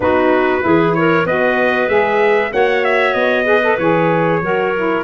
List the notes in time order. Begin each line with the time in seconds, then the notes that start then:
0.00 B3 D#4 F#4 B4
0.60 E3 E4 G#4
0.94 A#4 C#5
1.24 B3 F#4 B4 D#5
1.87 G#3 G#4 E5
2.50 A#3 F#4 C#5 F#5
2.84 E5
3.14 B3 D#5
3.44 G#4 B4
3.62 A4
3.78 E3 G#4 C#5
4.41 F#3 F#4 A#4
4.76 E4